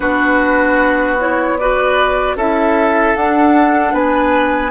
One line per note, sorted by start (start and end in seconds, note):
0.00 2.35 B3
0.00 1.18 D4
0.00 1.57 F#4
0.00 1.18 B4
1.19 1.59 E4
1.19 1.57 C#5
1.57 2.38 F#4
1.57 2.36 B4
1.57 2.36 D5
2.35 3.14 C#4
2.35 3.17 E4
2.35 3.93 A4
2.35 3.15 E5
3.15 3.93 D4
3.15 4.70 D4
3.15 3.94 F#5
3.93 4.70 B3
3.93 4.70 B4
3.93 4.70 G#5